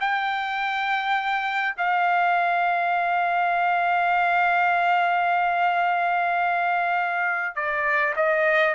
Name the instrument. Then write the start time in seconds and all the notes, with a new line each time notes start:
trumpet
0.00 G5
1.77 F5
7.55 D5
8.16 D#5